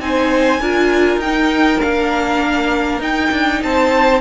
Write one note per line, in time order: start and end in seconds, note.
0.00 0.61 C4
0.00 0.60 D#4
0.00 0.61 C5
0.00 1.21 G#5
0.61 1.17 D4
0.61 1.23 F4
0.61 3.61 A#4
1.17 1.77 D#4
1.17 1.81 G5
1.25 1.81 D#4
1.81 3.00 A#3
1.81 3.02 D4
1.81 3.01 F5
3.00 3.30 D#4
3.00 4.22 D#4
3.00 3.63 G5
3.31 3.62 D4
3.63 4.22 C4
3.63 4.22 C5
3.63 4.22 A5